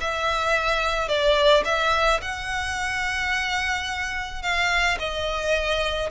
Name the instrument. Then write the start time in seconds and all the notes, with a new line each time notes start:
violin
0.00 E5
1.08 D5
1.64 E5
2.21 F#5
4.42 F5
4.99 D#5